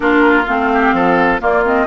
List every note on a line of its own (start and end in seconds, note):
0.00 0.46 A#3
0.00 0.44 D4
0.00 0.72 F4
0.00 0.46 A#4
0.47 0.93 A3
0.47 1.40 C4
0.47 1.41 F5
0.73 0.94 G4
0.93 1.39 F3
0.93 1.41 A4
1.40 1.63 A#3
1.40 1.86 A#3
1.40 1.86 F4
1.40 1.65 D5
1.64 1.86 C4
1.64 1.86 D#5